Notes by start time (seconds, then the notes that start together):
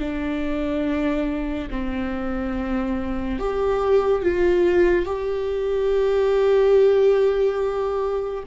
0.00 D4
1.71 C4
3.40 G4
4.23 F4
5.06 G4